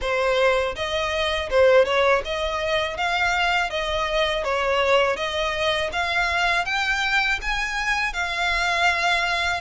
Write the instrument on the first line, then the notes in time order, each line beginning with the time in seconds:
violin
0.01 C5
0.75 D#5
1.50 C5
1.85 C#5
2.24 D#5
2.97 F5
3.70 D#5
4.43 C#5
5.16 D#5
5.92 F5
6.65 G5
7.41 G#5
8.13 F5